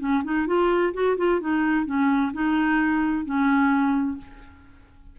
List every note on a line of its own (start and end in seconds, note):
0.00 0.23 C#4
0.24 0.47 D#4
0.47 0.93 F4
0.94 1.17 F#4
1.18 1.41 F4
1.41 1.86 D#4
1.86 2.32 C#4
2.34 3.26 D#4
3.26 4.18 C#4